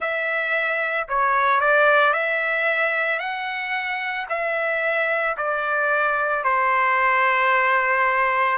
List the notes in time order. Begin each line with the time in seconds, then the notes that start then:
0.00 E5
1.08 C#5
1.60 D5
2.13 E5
3.19 F#5
4.29 E5
5.37 D5
6.43 C5